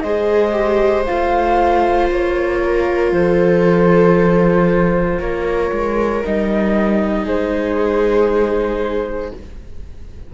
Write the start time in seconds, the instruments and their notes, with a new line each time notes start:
0.00 cello G#3, viola G#4 C5, flute D#5
0.52 viola G4
1.06 cello A3, viola F4, flute F5
2.10 cello A#3, flute C#5
2.63 viola A#4
3.12 cello F3, viola A4, flute C5
5.19 cello A#3, viola A#4, flute C#5
5.72 cello G#3
6.23 cello G3, viola D#4, flute D#5
7.24 cello G#3, viola G#4, flute C5